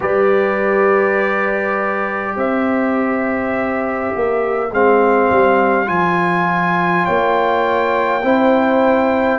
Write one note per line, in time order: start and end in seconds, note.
0.00 2.36 G3
0.00 4.68 G4
0.00 2.34 B4
0.00 2.37 D5
2.34 4.12 C4
2.34 7.04 C5
2.34 4.73 E5
4.15 4.70 A#3
4.70 5.29 G#3
4.70 5.85 C4
4.70 5.88 F5
5.30 5.88 G3
5.85 7.06 F3
5.85 8.20 F4
5.85 7.05 G#5
7.04 8.23 A#3
7.04 8.22 C#5
7.04 9.38 G5
8.23 9.38 C4
8.23 9.38 E4
8.23 9.38 C5